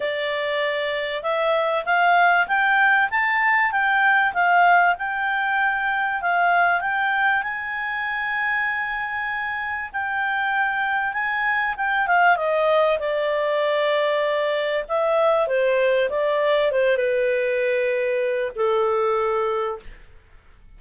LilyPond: \new Staff \with { instrumentName = "clarinet" } { \time 4/4 \tempo 4 = 97 d''2 e''4 f''4 | g''4 a''4 g''4 f''4 | g''2 f''4 g''4 | gis''1 |
g''2 gis''4 g''8 f''8 | dis''4 d''2. | e''4 c''4 d''4 c''8 b'8~ | b'2 a'2 | }